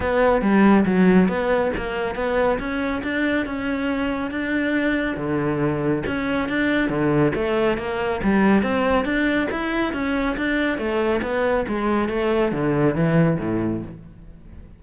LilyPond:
\new Staff \with { instrumentName = "cello" } { \time 4/4 \tempo 4 = 139 b4 g4 fis4 b4 | ais4 b4 cis'4 d'4 | cis'2 d'2 | d2 cis'4 d'4 |
d4 a4 ais4 g4 | c'4 d'4 e'4 cis'4 | d'4 a4 b4 gis4 | a4 d4 e4 a,4 | }